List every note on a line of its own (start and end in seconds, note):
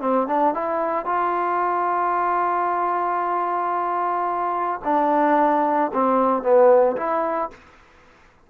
0.00 0.27 C4
0.27 0.54 D4
0.54 1.05 E4
1.05 4.80 F4
4.84 5.91 D4
5.93 6.42 C4
6.42 6.96 B3
6.96 7.50 E4